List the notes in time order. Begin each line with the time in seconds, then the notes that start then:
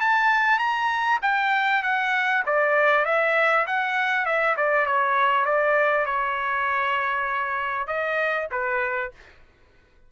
0.00 A5
0.58 A#5
1.22 G5
1.82 F#5
2.46 D5
3.05 E5
3.67 F#5
4.25 E5
4.56 D5
4.86 C#5
5.45 D5
6.05 C#5
7.87 D#5
8.51 B4